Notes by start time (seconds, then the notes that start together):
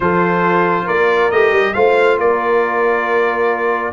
0.00 F3 F4 A4 C5
0.84 A#3 A#4 D5
1.31 A3 G4 D#5
1.51 G3
1.73 A3 F4 C5 F5
2.18 A#3 A#4 D5